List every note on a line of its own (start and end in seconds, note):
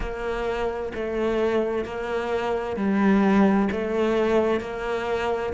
0.00 0.92 A#3
0.94 1.85 A3
1.85 2.76 A#3
2.76 3.68 G3
3.71 4.60 A3
4.60 5.53 A#3